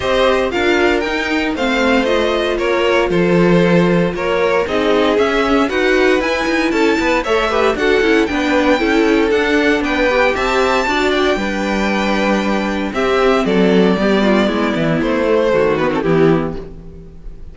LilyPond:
<<
  \new Staff \with { instrumentName = "violin" } { \time 4/4 \tempo 4 = 116 dis''4 f''4 g''4 f''4 | dis''4 cis''4 c''2 | cis''4 dis''4 e''4 fis''4 | gis''4 a''4 e''4 fis''4 |
g''2 fis''4 g''4 | a''4. g''2~ g''8~ | g''4 e''4 d''2~ | d''4 c''4. b'16 a'16 g'4 | }
  \new Staff \with { instrumentName = "violin" } { \time 4/4 c''4 ais'2 c''4~ | c''4 ais'4 a'2 | ais'4 gis'2 b'4~ | b'4 a'8 b'8 cis''8 b'8 a'4 |
b'4 a'2 b'4 | e''4 d''4 b'2~ | b'4 g'4 a'4 g'8 f'8 | e'2 fis'4 e'4 | }
  \new Staff \with { instrumentName = "viola" } { \time 4/4 g'4 f'4 dis'4 c'4 | f'1~ | f'4 dis'4 cis'4 fis'4 | e'2 a'8 g'8 fis'8 e'8 |
d'4 e'4 d'4. g'8~ | g'4 fis'4 d'2~ | d'4 c'2 b4~ | b4. a4 b16 c'16 b4 | }
  \new Staff \with { instrumentName = "cello" } { \time 4/4 c'4 d'4 dis'4 a4~ | a4 ais4 f2 | ais4 c'4 cis'4 dis'4 | e'8 dis'8 cis'8 b8 a4 d'8 cis'8 |
b4 cis'4 d'4 b4 | c'4 d'4 g2~ | g4 c'4 fis4 g4 | gis8 e8 a4 dis4 e4 | }
>>